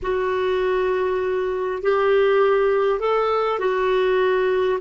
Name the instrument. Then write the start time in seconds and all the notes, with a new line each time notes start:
clarinet
0.02 F#4
1.82 G4
2.99 A4
3.59 F#4